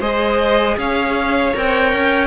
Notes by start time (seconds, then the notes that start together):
0.00 G#3 G#4 C5 D#5
0.77 C#4 C#5 F5
1.54 C4 A#4 G5
1.93 C#4